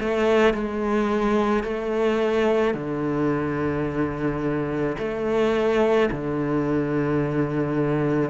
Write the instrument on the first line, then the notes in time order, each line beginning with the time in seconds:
cello
0.00 A3
0.55 G#3
1.64 A3
2.75 D3
4.99 A3
6.12 D3